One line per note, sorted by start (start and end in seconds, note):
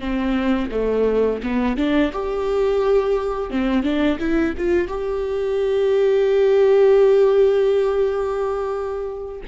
0.00 0.70 C4
0.71 1.41 A3
1.43 1.77 B3
1.77 2.12 D4
2.12 3.50 G4
3.50 3.83 C4
3.83 4.18 D4
4.20 4.55 E4
4.58 4.88 F4
4.88 9.42 G4